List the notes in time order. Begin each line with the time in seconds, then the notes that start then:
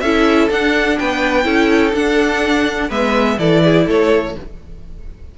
0.00 C#4 E4 A4 E5
0.50 D4 F#5
0.98 B3 B4 G5
1.43 C#4 E4 A4
1.94 D4 F#5
2.89 G#3 B3 B4 E5
3.38 E3 E4 A4 D5
3.64 G#4
3.87 A3 A4 C#5